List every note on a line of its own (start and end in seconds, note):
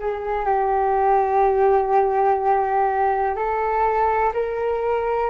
0.00 0.46 G#4
0.46 3.36 G4
3.36 4.33 A4
4.33 5.30 A#4